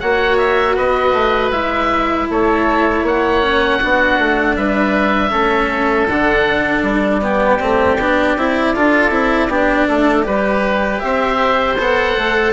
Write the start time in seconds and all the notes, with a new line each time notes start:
0.00 A#3 F#4 C#5 F#5
0.38 E5
0.75 B3 B4 D#5
1.13 A3
1.51 G#3 E4 E5
2.30 A3 A4 C#5
3.03 A#3 C#5 F#5
3.43 C#4
3.78 B3 D4 F#4
4.18 A3
4.56 G3 B4 E5
5.30 A3 C#4 A4
6.08 D3 D4 F#5
6.82 G3 D5
7.21 B3 G4
7.59 A3 C4
7.98 B3 D4
8.36 C4 E4
8.75 D4 F4 A4
9.10 C4 E4
9.48 B3 D4 G4
9.87 A3 A4
10.24 G3 G4 B4
10.99 C4 C5 E5
11.78 B3 A4 F#5
12.16 A3